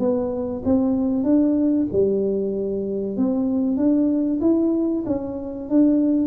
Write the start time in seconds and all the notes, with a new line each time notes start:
0.00 B3
0.65 C4
1.24 D4
1.92 G3
3.17 C4
3.77 D4
4.41 E4
5.06 C#4
5.70 D4